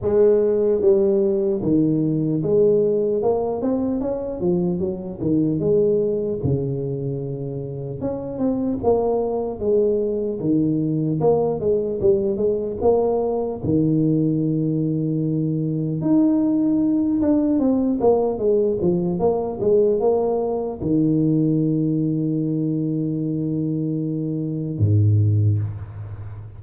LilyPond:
\new Staff \with { instrumentName = "tuba" } { \time 4/4 \tempo 4 = 75 gis4 g4 dis4 gis4 | ais8 c'8 cis'8 f8 fis8 dis8 gis4 | cis2 cis'8 c'8 ais4 | gis4 dis4 ais8 gis8 g8 gis8 |
ais4 dis2. | dis'4. d'8 c'8 ais8 gis8 f8 | ais8 gis8 ais4 dis2~ | dis2. gis,4 | }